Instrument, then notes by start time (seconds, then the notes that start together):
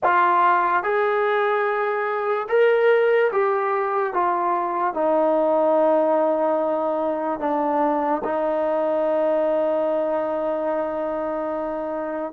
trombone
0.03 F4
0.83 G#4
2.48 A#4
3.32 G4
4.13 F4
4.94 D#4
7.39 D4
8.23 D#4